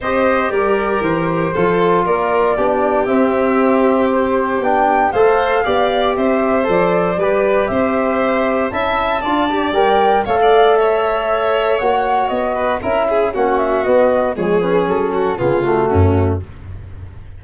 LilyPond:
<<
  \new Staff \with { instrumentName = "flute" } { \time 4/4 \tempo 4 = 117 dis''4 d''4 c''2 | d''2 e''2 | c''4 g''4 f''2 | e''4 d''2 e''4~ |
e''4 a''2 g''4 | f''4 e''2 fis''4 | dis''4 e''4 fis''8 e''8 dis''4 | cis''8 b'8 a'4 gis'8 fis'4. | }
  \new Staff \with { instrumentName = "violin" } { \time 4/4 c''4 ais'2 a'4 | ais'4 g'2.~ | g'2 c''4 d''4 | c''2 b'4 c''4~ |
c''4 e''4 d''2 | cis''16 d''8. cis''2.~ | cis''8 b'8 ais'8 gis'8 fis'2 | gis'4. fis'8 f'4 cis'4 | }
  \new Staff \with { instrumentName = "trombone" } { \time 4/4 g'2. f'4~ | f'4 d'4 c'2~ | c'4 d'4 a'4 g'4~ | g'4 a'4 g'2~ |
g'4 e'4 f'8 g'8 ais'4 | a'2. fis'4~ | fis'4 e'4 cis'4 b4 | gis8 cis'4. b8 a4. | }
  \new Staff \with { instrumentName = "tuba" } { \time 4/4 c'4 g4 e4 f4 | ais4 b4 c'2~ | c'4 b4 a4 b4 | c'4 f4 g4 c'4~ |
c'4 cis'4 d'4 g4 | a2. ais4 | b4 cis'4 ais4 b4 | f4 fis4 cis4 fis,4 | }
>>